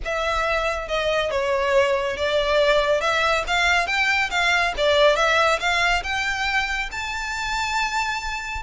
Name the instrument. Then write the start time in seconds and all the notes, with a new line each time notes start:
violin
0.04 E5
0.88 D#5
1.31 C#5
2.16 D5
3.01 E5
3.47 F5
3.86 G5
4.30 F5
4.77 D5
5.16 E5
5.59 F5
6.03 G5
6.91 A5